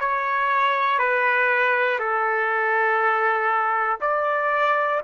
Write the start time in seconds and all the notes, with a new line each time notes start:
0.00 C#5
1.00 B4
2.00 A4
4.01 D5